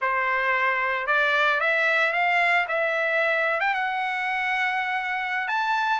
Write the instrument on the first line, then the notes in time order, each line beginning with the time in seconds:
trumpet
0.01 C5
1.06 D5
1.60 E5
2.13 F5
2.67 E5
3.60 G5
3.74 F#5
5.47 A5